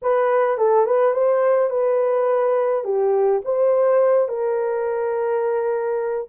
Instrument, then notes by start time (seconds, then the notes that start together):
horn
0.02 B4
0.57 A4
0.86 B4
1.13 C5
1.70 B4
2.84 G4
3.44 C5
4.28 A#4